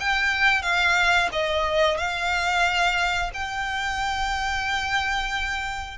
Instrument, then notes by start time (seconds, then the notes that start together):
violin
0.00 G5
0.62 F5
1.32 D#5
1.98 F5
3.34 G5